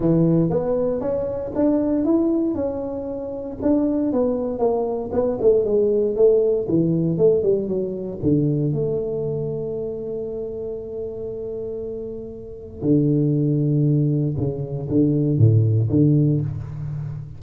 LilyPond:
\new Staff \with { instrumentName = "tuba" } { \time 4/4 \tempo 4 = 117 e4 b4 cis'4 d'4 | e'4 cis'2 d'4 | b4 ais4 b8 a8 gis4 | a4 e4 a8 g8 fis4 |
d4 a2.~ | a1~ | a4 d2. | cis4 d4 a,4 d4 | }